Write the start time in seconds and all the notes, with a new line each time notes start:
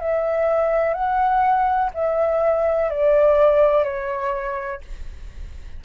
0.00 E5
0.94 F#5
1.94 E5
2.90 D5
3.84 C#5